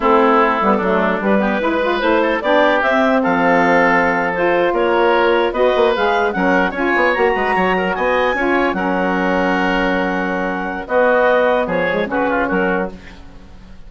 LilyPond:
<<
  \new Staff \with { instrumentName = "clarinet" } { \time 4/4 \tempo 4 = 149 a'2. b'4~ | b'4 c''4 d''4 e''4 | f''2~ f''8. c''4 cis''16~ | cis''4.~ cis''16 dis''4 f''4 fis''16~ |
fis''8. gis''4 ais''2 gis''16~ | gis''4.~ gis''16 fis''2~ fis''16~ | fis''2. dis''4~ | dis''4 cis''4 b'4 ais'4 | }
  \new Staff \with { instrumentName = "oboe" } { \time 4/4 e'2 d'4. g'8 | b'4. a'8 g'2 | a'2.~ a'8. ais'16~ | ais'4.~ ais'16 b'2 ais'16~ |
ais'8. cis''4. b'8 cis''8 ais'8 dis''16~ | dis''8. cis''4 ais'2~ ais'16~ | ais'2. fis'4~ | fis'4 gis'4 fis'8 f'8 fis'4 | }
  \new Staff \with { instrumentName = "saxophone" } { \time 4/4 c'4. b8 a4 g8 b8 | e'8 f'8 e'4 d'4 c'4~ | c'2~ c'8. f'4~ f'16~ | f'4.~ f'16 fis'4 gis'4 cis'16~ |
cis'8. f'4 fis'2~ fis'16~ | fis'8. f'4 cis'2~ cis'16~ | cis'2. b4~ | b4. gis8 cis'2 | }
  \new Staff \with { instrumentName = "bassoon" } { \time 4/4 a4. g8 fis4 g4 | gis4 a4 b4 c'4 | f2.~ f8. ais16~ | ais4.~ ais16 b8 ais8 gis4 fis16~ |
fis8. cis'8 b8 ais8 gis8 fis4 b16~ | b8. cis'4 fis2~ fis16~ | fis2. b4~ | b4 f4 cis4 fis4 | }
>>